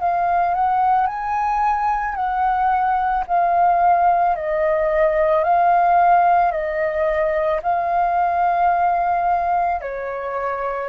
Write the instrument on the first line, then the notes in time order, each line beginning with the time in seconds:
flute
0.00 F5
0.55 F#5
1.07 G#5
2.15 F#5
3.27 F5
4.36 D#5
5.44 F5
6.52 D#5
7.63 F5
9.81 C#5